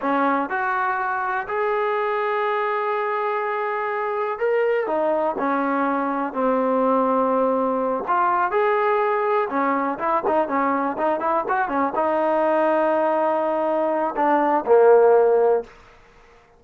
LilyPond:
\new Staff \with { instrumentName = "trombone" } { \time 4/4 \tempo 4 = 123 cis'4 fis'2 gis'4~ | gis'1~ | gis'4 ais'4 dis'4 cis'4~ | cis'4 c'2.~ |
c'8 f'4 gis'2 cis'8~ | cis'8 e'8 dis'8 cis'4 dis'8 e'8 fis'8 | cis'8 dis'2.~ dis'8~ | dis'4 d'4 ais2 | }